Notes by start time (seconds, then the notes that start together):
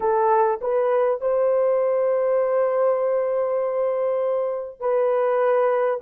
0.00 A4
0.61 B4
1.20 C5
4.80 B4